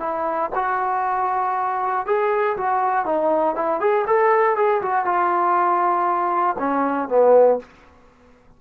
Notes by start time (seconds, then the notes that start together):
0.00 E4
0.55 F#4
2.06 G#4
2.57 F#4
3.06 D#4
3.56 E4
3.81 G#4
4.07 A4
4.56 G#4
4.82 F#4
5.05 F4
6.59 C#4
7.09 B3